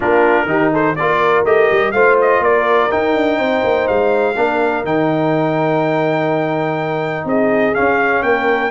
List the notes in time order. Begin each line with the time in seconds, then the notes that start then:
0.00 A#3 D4 F4 A#4
0.45 D#3 D#4 G4
0.72 A4 C5
0.95 A#3 F4 A#4 D5
1.44 A3 G4 D#5
1.71 G3
1.91 A3 F4 C5 F5
2.21 D#5
2.39 A#3 A#4 D5
2.89 D#4 G5
3.15 D4
3.38 C4 C5
3.63 A#3
3.87 G#3 F5
4.35 A#3 D4 A#4
4.84 D#3 D#4 G5
7.24 C4 G#4 D#5
7.74 C#4 F5
8.22 A#3 A#4 G5